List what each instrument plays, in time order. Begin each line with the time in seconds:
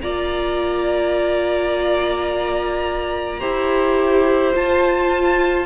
0.00 cello A#3, viola F4, violin D5 A#5
3.39 cello E4, viola G4, violin C5
4.53 viola F4, cello F4, violin A5